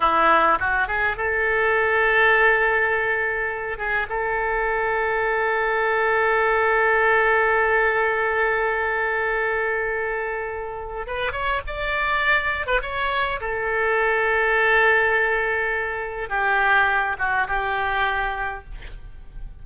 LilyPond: \new Staff \with { instrumentName = "oboe" } { \time 4/4 \tempo 4 = 103 e'4 fis'8 gis'8 a'2~ | a'2~ a'8 gis'8 a'4~ | a'1~ | a'1~ |
a'2. b'8 cis''8 | d''4.~ d''16 b'16 cis''4 a'4~ | a'1 | g'4. fis'8 g'2 | }